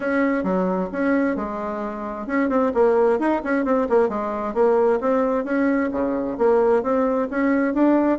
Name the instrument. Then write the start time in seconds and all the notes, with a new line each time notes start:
bassoon
0.00 C#4
0.43 F#3
0.92 C#4
1.36 G#3
2.26 C#4
2.49 C4
2.74 A#3
3.19 D#4
3.44 C#4
3.64 C4
3.89 A#3
4.08 G#3
4.54 A#3
5.00 C4
5.44 C#4
5.91 C#3
6.38 A#3
6.82 C4
7.30 C#4
7.74 D4